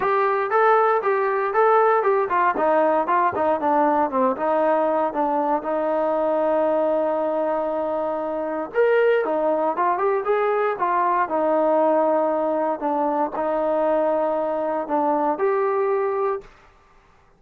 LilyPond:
\new Staff \with { instrumentName = "trombone" } { \time 4/4 \tempo 4 = 117 g'4 a'4 g'4 a'4 | g'8 f'8 dis'4 f'8 dis'8 d'4 | c'8 dis'4. d'4 dis'4~ | dis'1~ |
dis'4 ais'4 dis'4 f'8 g'8 | gis'4 f'4 dis'2~ | dis'4 d'4 dis'2~ | dis'4 d'4 g'2 | }